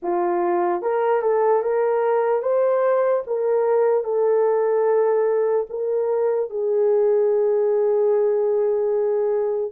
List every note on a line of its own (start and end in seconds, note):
0.02 0.81 F4
0.81 1.22 A#4
1.22 1.62 A4
1.62 2.42 A#4
2.42 3.23 C5
3.27 4.04 A#4
4.04 5.66 A4
5.69 6.49 A#4
6.49 9.71 G#4